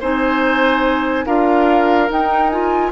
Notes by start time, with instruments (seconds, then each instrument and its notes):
0.00 bassoon C4, clarinet D#4, oboe C5, flute G#5
1.26 bassoon D4, clarinet F4, oboe A#4, flute F5
2.08 clarinet D#4, bassoon D#4, flute G5
2.49 clarinet F4, flute G#5